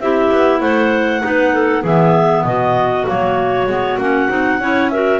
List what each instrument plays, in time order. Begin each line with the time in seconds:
0.00 double bass C4, clarinet E4 G4 E5
0.32 double bass B3
0.60 double bass A3, clarinet C5 F#5
1.22 double bass B3, clarinet D#4 B4
1.54 clarinet A4
1.83 double bass E3, clarinet B3 G#4 E5
2.45 double bass B2, clarinet F#4 D#5
3.07 double bass F#3, clarinet A#3 C#5
3.67 double bass G#3, clarinet B3
3.98 double bass A#3, clarinet C#4 F#5
4.29 double bass C4, clarinet D#4
4.60 double bass C#4, clarinet E4 C#5
4.90 clarinet F#4 A#4 E5